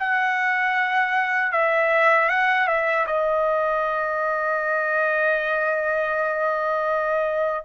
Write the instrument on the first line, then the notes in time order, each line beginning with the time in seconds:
trumpet
0.00 F#5
1.53 E5
2.29 F#5
2.68 E5
3.07 D#5